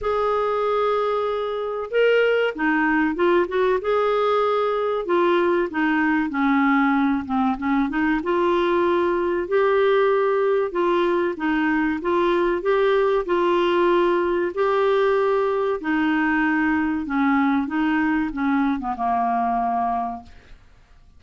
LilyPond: \new Staff \with { instrumentName = "clarinet" } { \time 4/4 \tempo 4 = 95 gis'2. ais'4 | dis'4 f'8 fis'8 gis'2 | f'4 dis'4 cis'4. c'8 | cis'8 dis'8 f'2 g'4~ |
g'4 f'4 dis'4 f'4 | g'4 f'2 g'4~ | g'4 dis'2 cis'4 | dis'4 cis'8. b16 ais2 | }